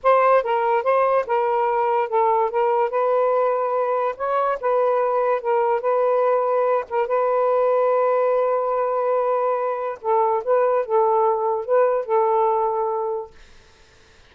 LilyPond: \new Staff \with { instrumentName = "saxophone" } { \time 4/4 \tempo 4 = 144 c''4 ais'4 c''4 ais'4~ | ais'4 a'4 ais'4 b'4~ | b'2 cis''4 b'4~ | b'4 ais'4 b'2~ |
b'8 ais'8 b'2.~ | b'1 | a'4 b'4 a'2 | b'4 a'2. | }